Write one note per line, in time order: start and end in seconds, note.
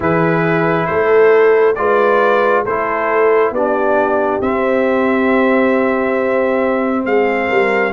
0.00 0.87 E3
0.00 1.76 E4
0.00 0.87 G#4
0.00 0.86 B4
0.86 1.76 A3
0.86 1.76 A4
0.86 1.74 C5
1.75 2.65 G#3
1.75 2.65 F4
1.75 2.63 B4
1.75 2.63 D5
2.63 3.50 A3
2.63 3.55 E4
2.63 3.52 A4
2.63 3.53 C5
3.50 4.39 B3
3.50 4.41 D4
3.50 7.06 G4
3.50 4.41 D5
4.41 7.05 C4
4.41 7.92 C4
4.41 7.05 E5
7.05 7.49 G#3
7.05 7.48 G#4
7.05 7.92 F5
7.48 7.92 G3
7.48 7.92 A#4